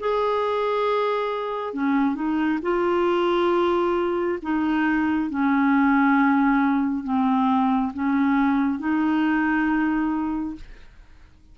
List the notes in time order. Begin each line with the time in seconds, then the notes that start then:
0.00 G#4
1.74 C#4
2.15 D#4
2.62 F4
4.42 D#4
5.30 C#4
7.04 C4
7.94 C#4
8.79 D#4